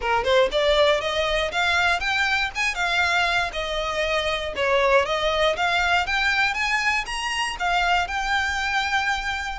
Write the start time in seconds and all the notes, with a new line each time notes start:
0.01 A#4
0.24 C5
0.51 D5
1.00 D#5
1.51 F5
2.00 G5
2.55 G#5
2.75 F5
3.52 D#5
4.56 C#5
5.05 D#5
5.56 F5
6.06 G5
6.54 G#5
7.06 A#5
7.59 F5
8.07 G5